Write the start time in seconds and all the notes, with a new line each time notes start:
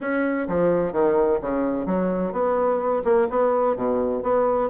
0.00 C#4
0.48 F3
0.92 D#3
1.41 C#3
1.86 F#3
2.32 B3
3.04 A#3
3.30 B3
3.76 B2
4.22 B3